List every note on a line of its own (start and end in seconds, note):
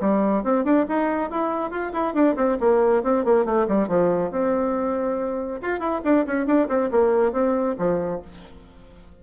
0.00 0.43 G3
0.43 0.64 C4
0.64 0.86 D4
0.88 1.30 D#4
1.30 1.71 E4
1.71 1.92 F4
1.92 2.14 E4
2.14 2.35 D4
2.36 2.57 C4
2.60 3.03 A#3
3.03 3.24 C4
3.25 3.45 A#3
3.45 3.66 A3
3.68 3.88 G3
3.88 4.31 F3
4.31 5.60 C4
5.61 5.79 F4
5.79 6.01 E4
6.04 6.26 D4
6.26 6.46 C#4
6.46 6.67 D4
6.68 6.90 C4
6.91 7.32 A#3
7.32 7.75 C4
7.78 8.21 F3